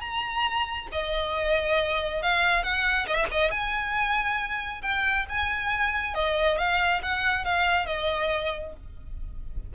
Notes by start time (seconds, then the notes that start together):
0.00 A#5
0.92 D#5
2.22 F5
2.63 F#5
3.07 D#5
3.14 E5
3.31 D#5
3.51 G#5
4.82 G5
5.29 G#5
6.14 D#5
6.58 F5
7.02 F#5
7.44 F5
7.86 D#5